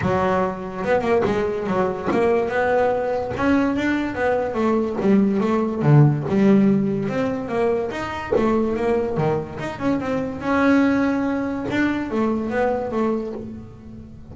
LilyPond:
\new Staff \with { instrumentName = "double bass" } { \time 4/4 \tempo 4 = 144 fis2 b8 ais8 gis4 | fis4 ais4 b2 | cis'4 d'4 b4 a4 | g4 a4 d4 g4~ |
g4 c'4 ais4 dis'4 | a4 ais4 dis4 dis'8 cis'8 | c'4 cis'2. | d'4 a4 b4 a4 | }